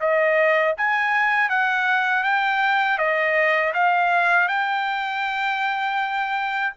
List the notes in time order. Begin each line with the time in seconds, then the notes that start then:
0.00 D#5
0.77 G#5
1.49 F#5
2.23 G5
2.98 D#5
3.74 F5
4.48 G5